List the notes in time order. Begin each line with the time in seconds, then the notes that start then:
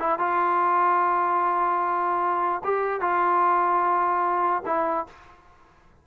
0.00 E4
0.19 F4
2.64 G4
3.01 F4
4.66 E4